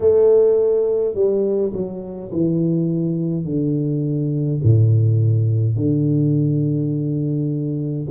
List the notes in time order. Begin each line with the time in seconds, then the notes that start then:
0.00 A3
1.14 G3
1.73 F#3
2.32 E3
3.44 D3
4.63 A2
5.75 D3